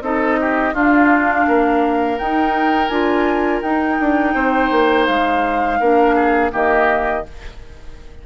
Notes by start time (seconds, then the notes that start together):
0.00 C4 D#4 A4 D#5
0.40 G4
0.72 D4 F4 F5
1.47 A#3 A#4
2.18 D#4 G5
2.87 D4 F4 G#5
3.61 D#4 G5
3.99 D4
4.34 C4 C5
4.71 A#3
5.06 G#3 F5
5.79 A#3 D4 A#4
6.15 G#4
6.50 D#3 A#3 G4 D#5